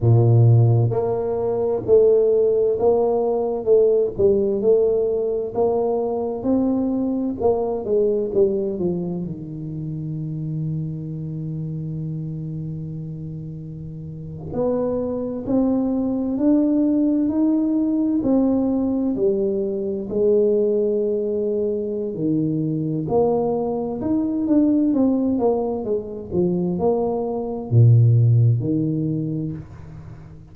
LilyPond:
\new Staff \with { instrumentName = "tuba" } { \time 4/4 \tempo 4 = 65 ais,4 ais4 a4 ais4 | a8 g8 a4 ais4 c'4 | ais8 gis8 g8 f8 dis2~ | dis2.~ dis8. b16~ |
b8. c'4 d'4 dis'4 c'16~ | c'8. g4 gis2~ gis16 | dis4 ais4 dis'8 d'8 c'8 ais8 | gis8 f8 ais4 ais,4 dis4 | }